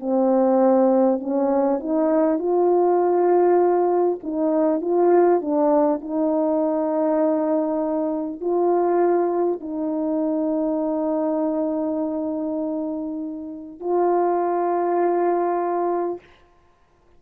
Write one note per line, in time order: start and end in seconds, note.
0.00 1.19 C4
1.19 1.79 C#4
1.79 2.38 D#4
2.38 4.18 F4
4.23 4.81 D#4
4.81 5.41 F4
5.41 6.01 D4
6.01 8.40 D#4
8.40 9.60 F4
9.60 13.80 D#4
13.80 16.20 F4